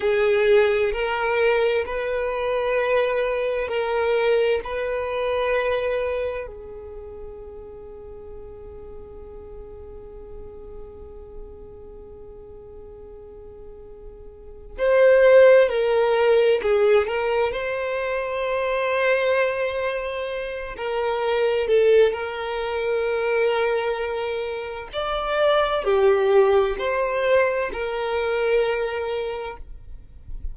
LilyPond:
\new Staff \with { instrumentName = "violin" } { \time 4/4 \tempo 4 = 65 gis'4 ais'4 b'2 | ais'4 b'2 gis'4~ | gis'1~ | gis'1 |
c''4 ais'4 gis'8 ais'8 c''4~ | c''2~ c''8 ais'4 a'8 | ais'2. d''4 | g'4 c''4 ais'2 | }